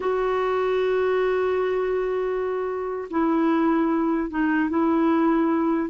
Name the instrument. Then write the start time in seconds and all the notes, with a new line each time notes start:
clarinet
0.00 F#4
3.10 E4
4.30 D#4
4.69 E4